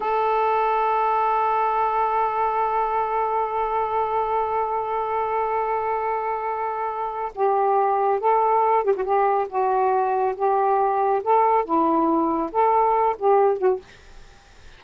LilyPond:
\new Staff \with { instrumentName = "saxophone" } { \time 4/4 \tempo 4 = 139 a'1~ | a'1~ | a'1~ | a'1~ |
a'4 g'2 a'4~ | a'8 g'16 fis'16 g'4 fis'2 | g'2 a'4 e'4~ | e'4 a'4. g'4 fis'8 | }